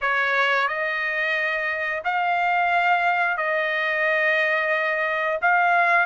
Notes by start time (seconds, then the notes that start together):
0.01 C#5
0.67 D#5
2.04 F5
3.37 D#5
5.41 F5